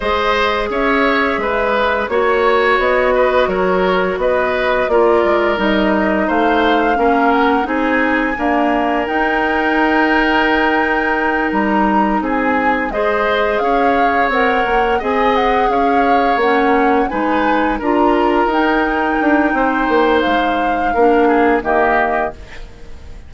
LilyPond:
<<
  \new Staff \with { instrumentName = "flute" } { \time 4/4 \tempo 4 = 86 dis''4 e''2 cis''4 | dis''4 cis''4 dis''4 d''4 | dis''4 f''4. fis''8 gis''4~ | gis''4 g''2.~ |
g''8 ais''4 gis''4 dis''4 f''8~ | f''8 fis''4 gis''8 fis''8 f''4 fis''8~ | fis''8 gis''4 ais''4 g''4.~ | g''4 f''2 dis''4 | }
  \new Staff \with { instrumentName = "oboe" } { \time 4/4 c''4 cis''4 b'4 cis''4~ | cis''8 b'8 ais'4 b'4 ais'4~ | ais'4 c''4 ais'4 gis'4 | ais'1~ |
ais'4. gis'4 c''4 cis''8~ | cis''4. dis''4 cis''4.~ | cis''8 b'4 ais'2~ ais'8 | c''2 ais'8 gis'8 g'4 | }
  \new Staff \with { instrumentName = "clarinet" } { \time 4/4 gis'2. fis'4~ | fis'2. f'4 | dis'2 cis'4 dis'4 | ais4 dis'2.~ |
dis'2~ dis'8 gis'4.~ | gis'8 ais'4 gis'2 cis'8~ | cis'8 dis'4 f'4 dis'4.~ | dis'2 d'4 ais4 | }
  \new Staff \with { instrumentName = "bassoon" } { \time 4/4 gis4 cis'4 gis4 ais4 | b4 fis4 b4 ais8 gis8 | g4 a4 ais4 c'4 | d'4 dis'2.~ |
dis'8 g4 c'4 gis4 cis'8~ | cis'8 c'8 ais8 c'4 cis'4 ais8~ | ais8 gis4 d'4 dis'4 d'8 | c'8 ais8 gis4 ais4 dis4 | }
>>